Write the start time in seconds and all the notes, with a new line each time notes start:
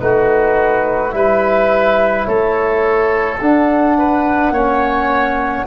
0.00 A3 D#4 F#4 B4
1.11 G3 E4 B4 E5
2.26 A3 A4 C#5
3.42 D4 F#5
3.98 B4
4.51 A#3 C#4 C#5